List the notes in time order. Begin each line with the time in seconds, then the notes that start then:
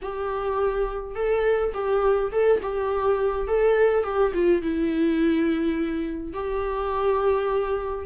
0.02 G4
1.15 A4
1.74 G4
2.32 A4
2.62 G4
3.47 A4
4.03 G4
4.33 F4
4.62 E4
6.33 G4